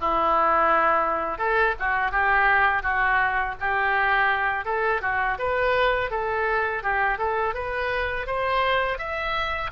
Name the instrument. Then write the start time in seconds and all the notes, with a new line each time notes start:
oboe
0.00 E4
1.38 A4
1.79 F#4
2.11 G4
2.82 F#4
3.60 G4
4.65 A4
5.01 F#4
5.38 B4
6.10 A4
6.83 G4
7.18 A4
7.54 B4
8.26 C5
8.98 E5